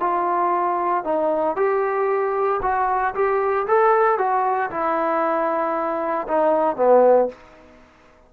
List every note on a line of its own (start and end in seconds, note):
0.00 1.04 F4
1.04 1.57 D#4
1.57 2.61 G4
2.62 3.14 F#4
3.15 3.67 G4
3.67 4.18 A4
4.18 4.71 F#4
4.71 6.27 E4
6.28 6.77 D#4
6.77 7.29 B3